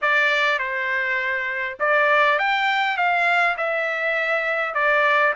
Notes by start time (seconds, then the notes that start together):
0.01 D5
0.58 C5
1.79 D5
2.38 G5
2.97 F5
3.57 E5
4.74 D5